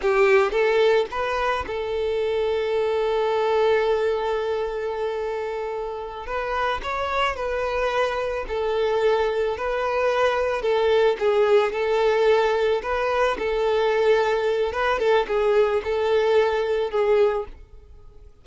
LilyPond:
\new Staff \with { instrumentName = "violin" } { \time 4/4 \tempo 4 = 110 g'4 a'4 b'4 a'4~ | a'1~ | a'2.~ a'8 b'8~ | b'8 cis''4 b'2 a'8~ |
a'4. b'2 a'8~ | a'8 gis'4 a'2 b'8~ | b'8 a'2~ a'8 b'8 a'8 | gis'4 a'2 gis'4 | }